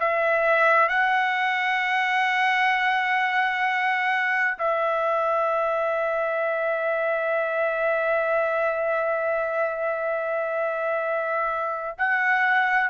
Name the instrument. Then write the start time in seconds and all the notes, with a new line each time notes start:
trumpet
0.00 E5
0.89 F#5
4.58 E5
11.98 F#5